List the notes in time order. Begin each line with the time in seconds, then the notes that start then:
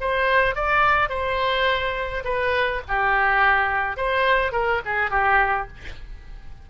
0.00 C5
0.55 D5
1.09 C5
2.24 B4
2.88 G4
3.96 C5
4.52 A#4
4.85 G#4
5.10 G4